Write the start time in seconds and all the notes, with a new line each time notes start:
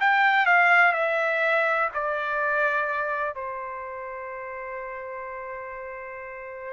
0.00 G5
0.46 F5
0.92 E5
1.94 D5
3.35 C5